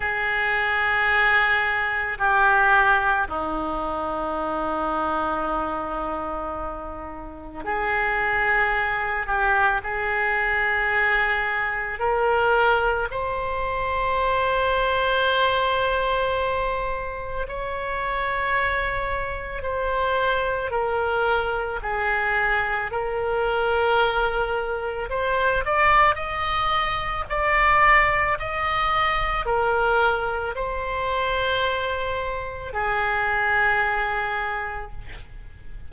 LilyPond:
\new Staff \with { instrumentName = "oboe" } { \time 4/4 \tempo 4 = 55 gis'2 g'4 dis'4~ | dis'2. gis'4~ | gis'8 g'8 gis'2 ais'4 | c''1 |
cis''2 c''4 ais'4 | gis'4 ais'2 c''8 d''8 | dis''4 d''4 dis''4 ais'4 | c''2 gis'2 | }